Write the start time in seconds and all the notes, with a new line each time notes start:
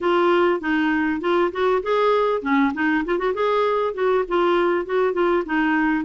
0.00 F4
0.60 D#4
1.21 F4
1.52 F#4
1.82 G#4
2.42 C#4
2.74 D#4
3.05 F4
3.18 F#4
3.34 G#4
3.94 F#4
4.28 F4
4.85 F#4
5.13 F4
5.45 D#4